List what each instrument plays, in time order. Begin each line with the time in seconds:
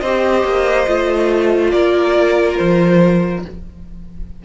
0.00 cello C4, viola G4, violin C5 D#5
0.44 cello A#3
0.87 cello A3, viola F4
1.71 cello A#3, violin A#4 D5
2.57 cello F3, violin C5